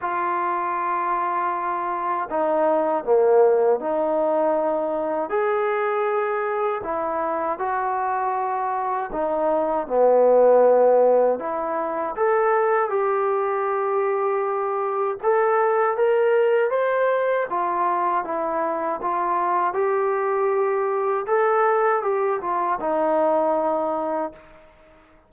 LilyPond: \new Staff \with { instrumentName = "trombone" } { \time 4/4 \tempo 4 = 79 f'2. dis'4 | ais4 dis'2 gis'4~ | gis'4 e'4 fis'2 | dis'4 b2 e'4 |
a'4 g'2. | a'4 ais'4 c''4 f'4 | e'4 f'4 g'2 | a'4 g'8 f'8 dis'2 | }